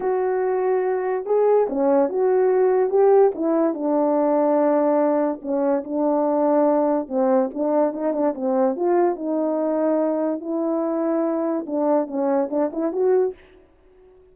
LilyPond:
\new Staff \with { instrumentName = "horn" } { \time 4/4 \tempo 4 = 144 fis'2. gis'4 | cis'4 fis'2 g'4 | e'4 d'2.~ | d'4 cis'4 d'2~ |
d'4 c'4 d'4 dis'8 d'8 | c'4 f'4 dis'2~ | dis'4 e'2. | d'4 cis'4 d'8 e'8 fis'4 | }